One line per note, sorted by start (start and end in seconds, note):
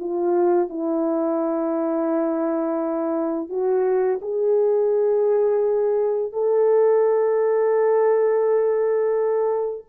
0.00 0.69 F4
0.69 3.49 E4
3.49 4.20 F#4
4.22 6.33 G#4
6.33 9.86 A4